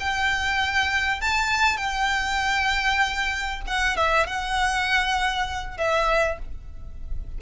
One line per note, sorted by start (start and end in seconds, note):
0.00 1.21 G5
1.21 1.78 A5
1.78 3.61 G5
3.67 3.97 F#5
3.97 4.27 E5
4.27 5.78 F#5
5.78 6.39 E5